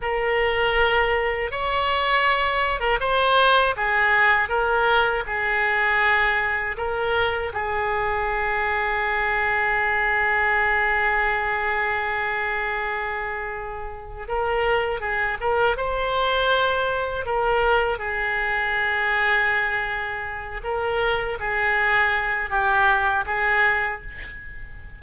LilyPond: \new Staff \with { instrumentName = "oboe" } { \time 4/4 \tempo 4 = 80 ais'2 cis''4.~ cis''16 ais'16 | c''4 gis'4 ais'4 gis'4~ | gis'4 ais'4 gis'2~ | gis'1~ |
gis'2. ais'4 | gis'8 ais'8 c''2 ais'4 | gis'2.~ gis'8 ais'8~ | ais'8 gis'4. g'4 gis'4 | }